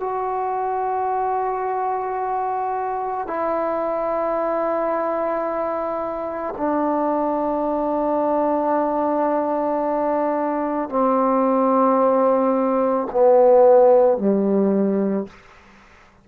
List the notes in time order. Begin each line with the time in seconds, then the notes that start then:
0.00 F#4
3.27 E4
6.57 D4
10.89 C4
13.12 B3
14.18 G3